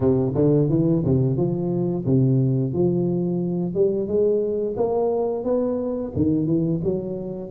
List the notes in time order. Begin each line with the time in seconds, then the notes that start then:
0.00 C3
0.34 D3
0.69 E3
1.04 C3
1.36 F3
2.05 C3
2.73 F3
3.74 G3
4.07 G#3
4.76 A#3
5.44 B3
6.15 D#3
6.46 E3
6.83 F#3